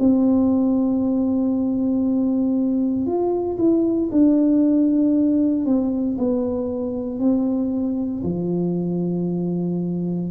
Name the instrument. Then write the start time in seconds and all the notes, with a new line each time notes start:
tuba
0.00 C4
3.07 F4
3.59 E4
4.12 D4
5.66 C4
6.18 B3
7.20 C4
8.24 F3